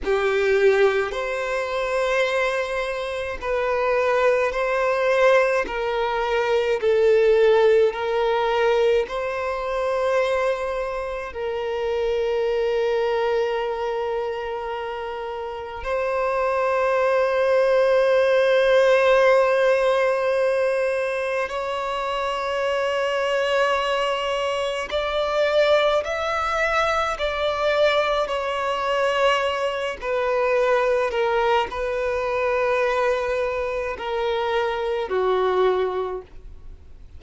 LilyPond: \new Staff \with { instrumentName = "violin" } { \time 4/4 \tempo 4 = 53 g'4 c''2 b'4 | c''4 ais'4 a'4 ais'4 | c''2 ais'2~ | ais'2 c''2~ |
c''2. cis''4~ | cis''2 d''4 e''4 | d''4 cis''4. b'4 ais'8 | b'2 ais'4 fis'4 | }